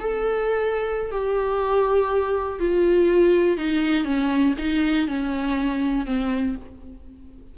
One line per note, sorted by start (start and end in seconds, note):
0.00 1.12 A4
1.12 2.60 G4
2.60 3.58 F4
3.58 4.05 D#4
4.05 4.55 C#4
4.59 5.08 D#4
5.08 6.06 C#4
6.06 6.56 C4